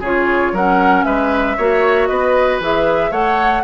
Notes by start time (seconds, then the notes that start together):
0.00 C#3 F4 G#4 C#5
0.52 F#3 C#4 A#4 F#5
1.04 G#3 B4 E5
1.57 A#3 F#4 C#5
2.07 B3 B4 D#5
2.60 E3 G#4 E5
3.11 A3 A4 C#5 F#5